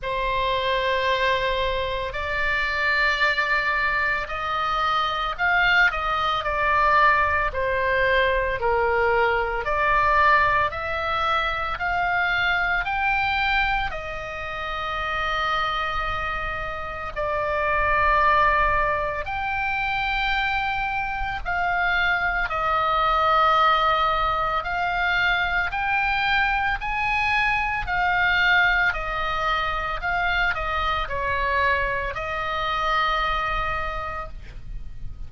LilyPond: \new Staff \with { instrumentName = "oboe" } { \time 4/4 \tempo 4 = 56 c''2 d''2 | dis''4 f''8 dis''8 d''4 c''4 | ais'4 d''4 e''4 f''4 | g''4 dis''2. |
d''2 g''2 | f''4 dis''2 f''4 | g''4 gis''4 f''4 dis''4 | f''8 dis''8 cis''4 dis''2 | }